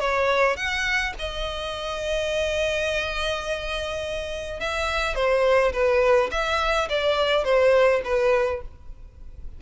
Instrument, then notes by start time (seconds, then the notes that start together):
violin
0.00 C#5
0.57 F#5
1.19 D#5
4.60 E5
5.15 C5
5.73 B4
6.31 E5
6.89 D5
7.44 C5
8.04 B4